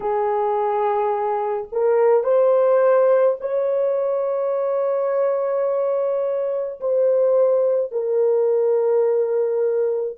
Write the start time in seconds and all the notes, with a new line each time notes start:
0.00 G#4
1.71 A#4
2.23 C5
3.40 C#5
6.80 C5
7.91 A#4